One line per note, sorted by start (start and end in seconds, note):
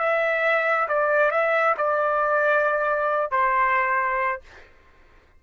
0.00 0.88 E5
0.88 1.32 D5
1.32 1.76 E5
1.78 3.31 D5
3.31 4.42 C5